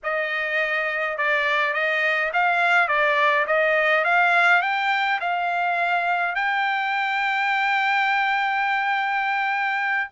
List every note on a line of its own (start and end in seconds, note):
0.03 1.17 D#5
1.17 1.73 D5
1.73 2.31 D#5
2.33 2.87 F5
2.87 3.45 D5
3.46 4.04 D#5
4.04 4.62 F5
4.62 5.19 G5
5.20 6.35 F5
6.35 10.10 G5